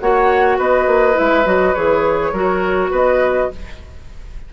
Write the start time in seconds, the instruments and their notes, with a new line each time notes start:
0.00 bassoon A#3, clarinet F#4, oboe C#5, flute F#5
0.57 bassoon B3, oboe B4, flute D#5
0.86 bassoon A#3
1.13 clarinet E4, flute E5
1.20 bassoon G#3
1.45 bassoon F#3, clarinet F#4, flute D#5
1.74 bassoon E3, clarinet G#4, flute C#5
2.32 bassoon F#3, clarinet F#4, oboe A#4
2.90 bassoon B3, oboe B4, flute D#5